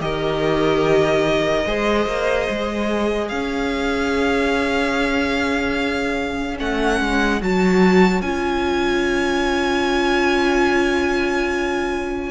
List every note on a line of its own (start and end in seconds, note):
0.00 1.65 D#3
0.00 1.64 G4
0.00 1.67 A#4
0.00 3.28 D#5
1.65 2.06 G#3
1.65 6.57 G#4
1.65 3.29 C5
2.06 2.47 A#3
2.49 3.31 G#3
3.28 6.60 C#4
3.28 12.30 C#5
3.28 6.57 F5
6.57 7.00 A3
6.57 7.39 C#4
6.57 7.41 F#5
7.00 7.41 G#3
7.41 8.21 F#3
7.41 8.23 F#4
7.41 8.21 A5
8.21 12.30 C#4
8.21 12.30 F4
8.21 12.30 G#5